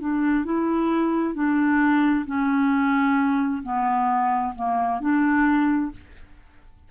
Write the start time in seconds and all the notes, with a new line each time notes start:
0.00 D4
0.45 E4
1.35 D4
2.26 C#4
3.63 B3
4.55 A#3
5.01 D4